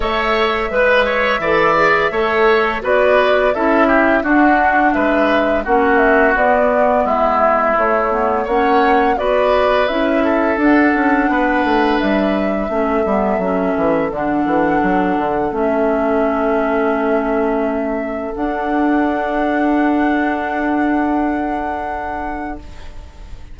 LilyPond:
<<
  \new Staff \with { instrumentName = "flute" } { \time 4/4 \tempo 4 = 85 e''1 | d''4 e''4 fis''4 e''4 | fis''8 e''8 d''4 e''4 cis''4 | fis''4 d''4 e''4 fis''4~ |
fis''4 e''2. | fis''2 e''2~ | e''2 fis''2~ | fis''1 | }
  \new Staff \with { instrumentName = "oboe" } { \time 4/4 cis''4 b'8 cis''8 d''4 cis''4 | b'4 a'8 g'8 fis'4 b'4 | fis'2 e'2 | cis''4 b'4. a'4. |
b'2 a'2~ | a'1~ | a'1~ | a'1 | }
  \new Staff \with { instrumentName = "clarinet" } { \time 4/4 a'4 b'4 a'8 gis'8 a'4 | fis'4 e'4 d'2 | cis'4 b2 a8 b8 | cis'4 fis'4 e'4 d'4~ |
d'2 cis'8 b8 cis'4 | d'2 cis'2~ | cis'2 d'2~ | d'1 | }
  \new Staff \with { instrumentName = "bassoon" } { \time 4/4 a4 gis4 e4 a4 | b4 cis'4 d'4 gis4 | ais4 b4 gis4 a4 | ais4 b4 cis'4 d'8 cis'8 |
b8 a8 g4 a8 g8 fis8 e8 | d8 e8 fis8 d8 a2~ | a2 d'2~ | d'1 | }
>>